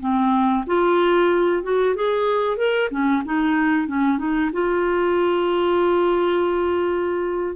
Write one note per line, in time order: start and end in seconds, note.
0.00 0.65 C4
0.67 1.63 F4
1.63 1.95 F#4
1.96 2.57 G#4
2.57 2.89 A#4
2.90 3.23 C#4
3.25 3.87 D#4
3.87 4.18 C#4
4.18 4.51 D#4
4.52 7.56 F4